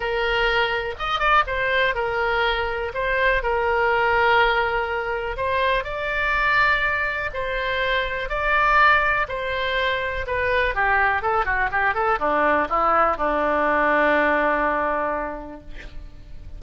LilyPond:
\new Staff \with { instrumentName = "oboe" } { \time 4/4 \tempo 4 = 123 ais'2 dis''8 d''8 c''4 | ais'2 c''4 ais'4~ | ais'2. c''4 | d''2. c''4~ |
c''4 d''2 c''4~ | c''4 b'4 g'4 a'8 fis'8 | g'8 a'8 d'4 e'4 d'4~ | d'1 | }